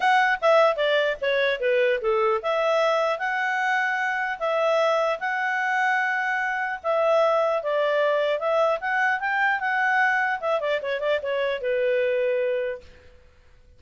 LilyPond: \new Staff \with { instrumentName = "clarinet" } { \time 4/4 \tempo 4 = 150 fis''4 e''4 d''4 cis''4 | b'4 a'4 e''2 | fis''2. e''4~ | e''4 fis''2.~ |
fis''4 e''2 d''4~ | d''4 e''4 fis''4 g''4 | fis''2 e''8 d''8 cis''8 d''8 | cis''4 b'2. | }